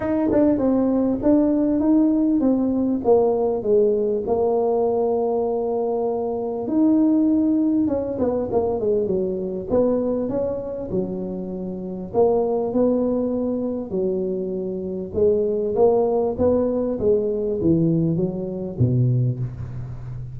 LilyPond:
\new Staff \with { instrumentName = "tuba" } { \time 4/4 \tempo 4 = 99 dis'8 d'8 c'4 d'4 dis'4 | c'4 ais4 gis4 ais4~ | ais2. dis'4~ | dis'4 cis'8 b8 ais8 gis8 fis4 |
b4 cis'4 fis2 | ais4 b2 fis4~ | fis4 gis4 ais4 b4 | gis4 e4 fis4 b,4 | }